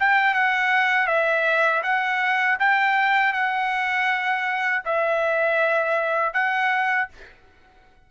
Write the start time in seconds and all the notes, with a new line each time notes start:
0.00 G5
0.35 F#5
1.07 E5
1.83 F#5
2.60 G5
3.33 F#5
4.85 E5
6.34 F#5